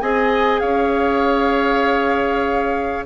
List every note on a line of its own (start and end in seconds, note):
0.00 0.61 C4
0.00 3.06 G#4
0.00 0.61 D#5
0.00 0.59 G#5
0.59 3.06 C#4
0.59 3.05 C#5
0.59 3.04 F5